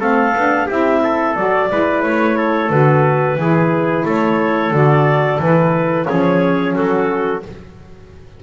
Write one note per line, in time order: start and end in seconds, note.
0.00 0.34 A3
0.00 0.34 C4
0.00 0.66 A4
0.00 0.69 F5
0.35 0.69 B3
0.35 0.69 D4
0.66 1.36 C4
0.66 1.35 E4
0.66 1.00 G4
0.66 1.35 E5
1.03 1.70 A4
1.35 1.70 F#3
1.35 1.69 F#4
1.35 2.02 D5
1.69 2.03 G#3
1.69 2.69 E4
1.69 2.37 B4
2.02 2.70 A3
2.02 2.70 C#5
2.37 3.38 A4
2.69 3.35 D3
2.69 3.37 F#4
2.69 4.04 B4
3.35 4.03 E3
3.35 4.71 E4
3.35 4.05 G#4
4.05 4.70 A3
4.05 6.07 A4
4.05 4.74 C#5
4.70 5.38 D3
4.70 5.39 F#4
4.70 5.40 D5
5.38 6.06 E3
5.38 6.06 E4
5.38 6.05 B4
6.05 6.75 F3
6.05 7.41 C#4
6.05 6.75 G#4
6.05 6.72 C#5
6.75 7.43 F#3
6.75 7.43 F#4
6.75 7.42 A4